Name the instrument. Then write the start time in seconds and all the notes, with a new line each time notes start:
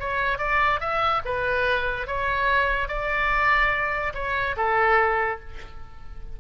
oboe
0.00 C#5
0.38 D5
0.80 E5
1.25 B4
2.07 C#5
2.88 D5
4.14 C#5
4.57 A4